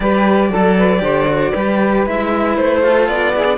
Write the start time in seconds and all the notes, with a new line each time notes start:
0.00 G3 G4 B4 D5
0.49 F#3 A4
0.78 B4
0.98 D3 G4 C5
1.27 F#4
1.53 G3 G4 B4
2.05 G#3 E4 E5
2.56 A3 C5
2.82 F4 A4
3.07 B3 D5
3.33 E4 G#4
3.45 D4